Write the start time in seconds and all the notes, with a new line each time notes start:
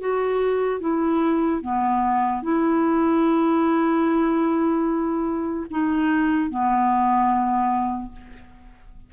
0.00 F#4
0.81 E4
1.62 B3
2.43 E4
5.71 D#4
6.50 B3